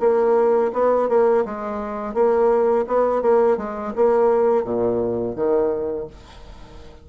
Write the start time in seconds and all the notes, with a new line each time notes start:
0.00 A#3
0.73 B3
1.09 A#3
1.45 G#3
2.14 A#3
2.87 B3
3.22 A#3
3.57 G#3
3.95 A#3
4.64 A#2
5.36 D#3